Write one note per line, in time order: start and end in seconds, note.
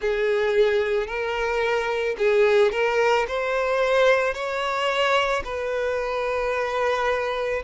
0.00 1.07 G#4
1.07 2.16 A#4
2.18 2.71 G#4
2.71 3.26 A#4
3.27 4.33 C5
4.33 5.42 C#5
5.44 7.62 B4